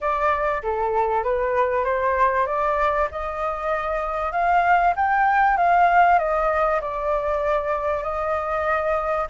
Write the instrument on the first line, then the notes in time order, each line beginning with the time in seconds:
flute
0.00 D5
0.62 A4
1.23 B4
1.84 C5
2.46 D5
3.11 D#5
4.32 F5
4.96 G5
5.57 F5
6.18 D#5
6.80 D5
8.03 D#5